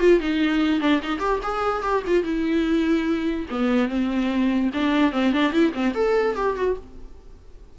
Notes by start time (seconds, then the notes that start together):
0.00 F4
0.20 D#4
0.81 D4
1.03 D#4
1.20 G4
1.43 G#4
1.83 G4
2.07 F4
2.24 E4
3.50 B3
3.89 C4
4.74 D4
5.12 C4
5.33 D4
5.52 E4
5.74 C4
5.95 A4
6.36 G4
6.57 F#4